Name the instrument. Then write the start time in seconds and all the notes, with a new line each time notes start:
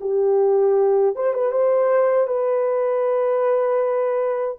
horn
0.00 G4
1.15 C5
1.33 B4
1.51 C5
2.27 B4